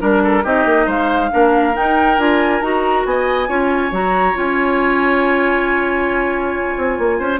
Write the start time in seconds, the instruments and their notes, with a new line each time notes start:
0.00 bassoon G3, clarinet D4, oboe A#4, flute A#4
0.24 oboe A4
0.44 bassoon C4, clarinet D#4, oboe G4, flute D#5
0.66 bassoon A#3
0.86 bassoon G#3, oboe C5, flute F5
1.31 bassoon A#3, clarinet D4, oboe A#4
1.74 clarinet D#4, bassoon D#4, flute G5
2.18 bassoon D4, clarinet F4, flute G#5
2.61 bassoon D#4, clarinet F#4, flute A#5
3.05 bassoon B3, oboe D#5, flute G#5
3.47 bassoon C#4, clarinet F4, oboe C#5
3.92 bassoon F#3, clarinet F#4, flute A#5
4.34 bassoon C#4, clarinet F4, flute G#5
6.78 bassoon C4
6.99 bassoon A#3
7.19 bassoon C#4, oboe C5